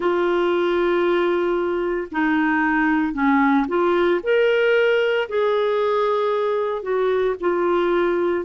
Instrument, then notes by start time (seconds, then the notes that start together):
clarinet
0.00 F4
2.11 D#4
3.13 C#4
3.68 F4
4.23 A#4
5.28 G#4
6.82 F#4
7.40 F4